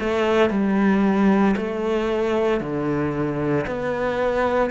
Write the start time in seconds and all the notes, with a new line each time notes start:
0.00 A3
0.50 G3
1.56 A3
2.60 D3
3.67 B3